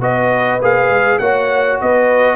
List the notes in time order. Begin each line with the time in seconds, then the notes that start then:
0.00 B3 F#4 B4 D#5
0.61 A#3 G#4 F5
0.89 G#3
1.19 A#3 F#4 C#5 F#5
1.81 B3 B4 D#5